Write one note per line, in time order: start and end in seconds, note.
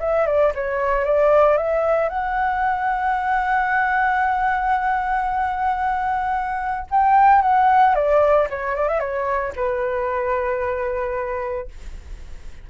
0.00 0.26 E5
0.26 0.53 D5
0.55 1.05 C#5
1.05 1.58 D5
1.58 2.09 E5
2.09 6.87 F#5
6.91 7.42 G5
7.42 7.95 F#5
7.95 8.48 D5
8.50 8.76 C#5
8.76 8.88 D5
8.88 9.00 E5
9.00 9.53 C#5
9.56 11.68 B4